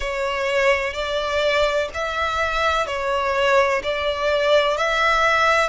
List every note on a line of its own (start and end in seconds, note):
0.00 0.93 C#5
0.93 1.88 D5
1.94 2.87 E5
2.87 3.82 C#5
3.83 4.77 D5
4.77 5.69 E5